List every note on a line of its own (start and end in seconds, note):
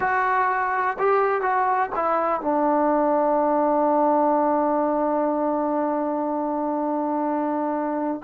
0.00 0.97 F#4
0.98 1.41 G4
1.41 1.89 F#4
1.95 2.41 E4
2.41 8.21 D4